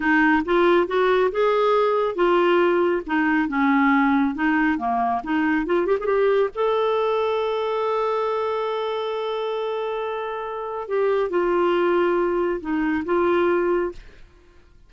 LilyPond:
\new Staff \with { instrumentName = "clarinet" } { \time 4/4 \tempo 4 = 138 dis'4 f'4 fis'4 gis'4~ | gis'4 f'2 dis'4 | cis'2 dis'4 ais4 | dis'4 f'8 g'16 gis'16 g'4 a'4~ |
a'1~ | a'1~ | a'4 g'4 f'2~ | f'4 dis'4 f'2 | }